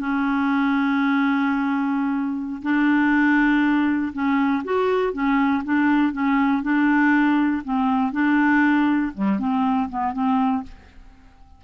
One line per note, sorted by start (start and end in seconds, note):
0.00 2.62 C#4
2.62 4.13 D4
4.14 4.64 C#4
4.65 5.14 F#4
5.14 5.64 C#4
5.65 6.13 D4
6.13 6.63 C#4
6.63 7.63 D4
7.65 8.13 C4
8.13 9.13 D4
9.15 9.39 G3
9.39 9.89 C4
9.90 10.14 B3
10.14 10.64 C4